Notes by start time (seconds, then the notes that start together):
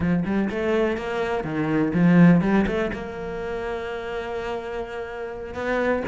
0.00 F3
0.25 G3
0.50 A3
0.97 A#3
1.44 D#3
1.94 F3
2.41 G3
2.67 A3
2.93 A#3
5.54 B3